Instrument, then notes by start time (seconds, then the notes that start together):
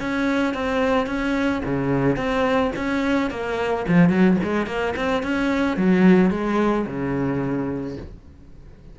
cello
0.00 C#4
0.54 C4
1.07 C#4
1.65 C#3
2.16 C4
2.76 C#4
3.31 A#3
3.88 F3
4.09 F#3
4.43 G#3
4.66 A#3
4.96 C4
5.23 C#4
5.77 F#3
6.31 G#3
6.87 C#3